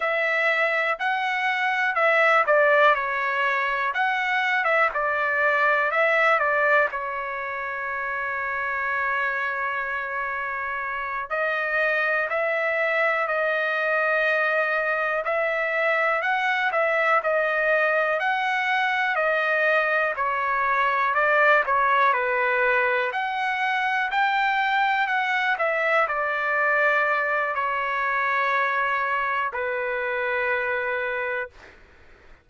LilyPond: \new Staff \with { instrumentName = "trumpet" } { \time 4/4 \tempo 4 = 61 e''4 fis''4 e''8 d''8 cis''4 | fis''8. e''16 d''4 e''8 d''8 cis''4~ | cis''2.~ cis''8 dis''8~ | dis''8 e''4 dis''2 e''8~ |
e''8 fis''8 e''8 dis''4 fis''4 dis''8~ | dis''8 cis''4 d''8 cis''8 b'4 fis''8~ | fis''8 g''4 fis''8 e''8 d''4. | cis''2 b'2 | }